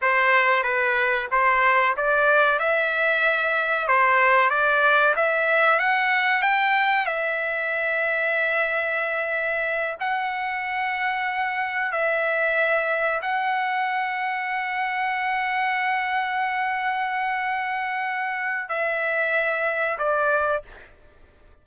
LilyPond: \new Staff \with { instrumentName = "trumpet" } { \time 4/4 \tempo 4 = 93 c''4 b'4 c''4 d''4 | e''2 c''4 d''4 | e''4 fis''4 g''4 e''4~ | e''2.~ e''8 fis''8~ |
fis''2~ fis''8 e''4.~ | e''8 fis''2.~ fis''8~ | fis''1~ | fis''4 e''2 d''4 | }